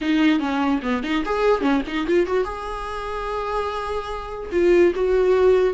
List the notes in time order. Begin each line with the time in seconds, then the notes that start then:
0.01 D#4
0.39 C#4
0.82 B3
1.03 D#4
1.25 G#4
1.61 C#4
1.87 D#4
2.06 F4
2.26 F#4
2.44 G#4
4.52 F4
4.95 F#4